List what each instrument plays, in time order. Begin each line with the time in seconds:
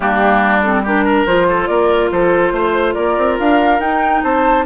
0.00 bassoon G3, clarinet A#3, oboe D4, flute G4
0.62 clarinet C4, flute A4
0.83 clarinet D4, oboe G4, flute A#4
1.04 oboe A#4
1.26 bassoon F3, clarinet F4, flute C5
1.49 oboe A4
1.67 bassoon A#3, oboe A#4, flute D5
2.11 bassoon F3, oboe A4, flute C5
2.51 bassoon A3, oboe C5
2.94 bassoon A#3, oboe A#4, flute D5
3.17 bassoon C4
3.39 bassoon D4, flute F5
3.79 bassoon D#4, clarinet D#4, flute G5
4.23 bassoon C4, oboe C5, flute A5